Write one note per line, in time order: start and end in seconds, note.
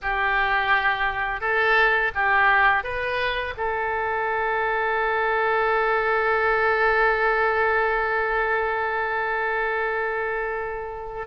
0.02 1.41 G4
1.41 2.11 A4
2.14 2.83 G4
2.83 3.54 B4
3.57 11.27 A4